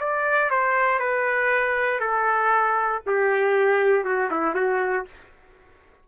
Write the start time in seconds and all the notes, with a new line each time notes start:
0.00 D5
0.51 C5
1.00 B4
2.00 A4
3.07 G4
4.05 F#4
4.32 E4
4.55 F#4